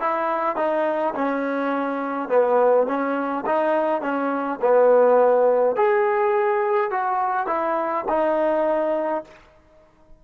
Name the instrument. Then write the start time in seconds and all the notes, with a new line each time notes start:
trombone
0.00 E4
0.56 D#4
1.15 C#4
2.29 B3
2.86 C#4
3.46 D#4
4.01 C#4
4.62 B3
5.76 G#4
6.91 F#4
7.47 E4
8.08 D#4